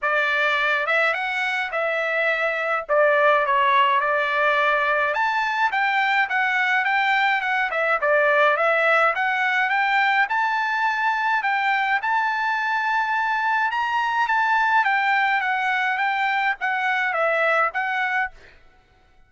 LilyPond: \new Staff \with { instrumentName = "trumpet" } { \time 4/4 \tempo 4 = 105 d''4. e''8 fis''4 e''4~ | e''4 d''4 cis''4 d''4~ | d''4 a''4 g''4 fis''4 | g''4 fis''8 e''8 d''4 e''4 |
fis''4 g''4 a''2 | g''4 a''2. | ais''4 a''4 g''4 fis''4 | g''4 fis''4 e''4 fis''4 | }